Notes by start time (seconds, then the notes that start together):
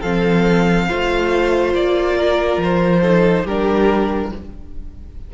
0.00 F3 C4 A4 F5
0.88 A3 F4 C5
1.74 A#3 D5
2.17 A#4
2.57 F3 C5
3.01 D#4 A4
3.44 G3 D4 G4 A#4